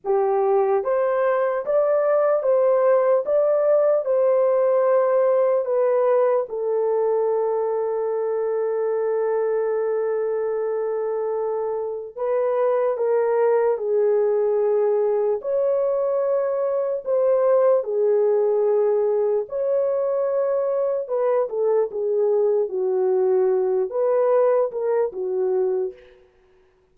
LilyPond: \new Staff \with { instrumentName = "horn" } { \time 4/4 \tempo 4 = 74 g'4 c''4 d''4 c''4 | d''4 c''2 b'4 | a'1~ | a'2. b'4 |
ais'4 gis'2 cis''4~ | cis''4 c''4 gis'2 | cis''2 b'8 a'8 gis'4 | fis'4. b'4 ais'8 fis'4 | }